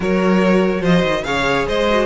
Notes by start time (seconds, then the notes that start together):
0.00 F#3 F#4 A#4 C#5
0.81 F3 C5 D#5
1.02 D#3
1.23 C#3 G#4 C#5 F5
1.67 G#3 C5 D#5
1.90 F#4